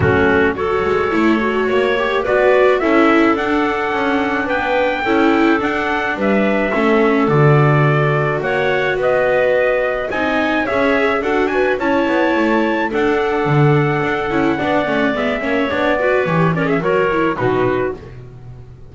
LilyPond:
<<
  \new Staff \with { instrumentName = "trumpet" } { \time 4/4 \tempo 4 = 107 fis'4 cis''2. | d''4 e''4 fis''2 | g''2 fis''4 e''4~ | e''4 d''2 fis''4 |
dis''2 gis''4 e''4 | fis''8 gis''8 a''2 fis''4~ | fis''2. e''4 | d''4 cis''8 d''16 e''16 cis''4 b'4 | }
  \new Staff \with { instrumentName = "clarinet" } { \time 4/4 cis'4 a'2 cis''4 | b'4 a'2. | b'4 a'2 b'4 | a'2. cis''4 |
b'2 dis''4 cis''4 | a'8 b'8 cis''2 a'4~ | a'2 d''4. cis''8~ | cis''8 b'4 ais'16 gis'16 ais'4 fis'4 | }
  \new Staff \with { instrumentName = "viola" } { \time 4/4 a4 fis'4 e'8 fis'4 g'8 | fis'4 e'4 d'2~ | d'4 e'4 d'2 | cis'4 fis'2.~ |
fis'2 dis'4 gis'4 | fis'4 e'2 d'4~ | d'4. e'8 d'8 cis'8 b8 cis'8 | d'8 fis'8 g'8 cis'8 fis'8 e'8 dis'4 | }
  \new Staff \with { instrumentName = "double bass" } { \time 4/4 fis4. gis8 a4 ais4 | b4 cis'4 d'4 cis'4 | b4 cis'4 d'4 g4 | a4 d2 ais4 |
b2 c'4 cis'4 | d'4 cis'8 b8 a4 d'4 | d4 d'8 cis'8 b8 a8 gis8 ais8 | b4 e4 fis4 b,4 | }
>>